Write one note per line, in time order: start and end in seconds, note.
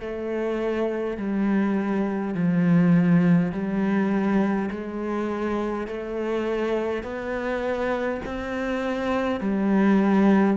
0.00 1.18 A3
1.18 2.35 G3
2.35 3.52 F3
3.52 4.70 G3
4.71 5.88 G#3
5.88 7.04 A3
7.04 8.21 B3
8.26 9.41 C4
9.41 10.58 G3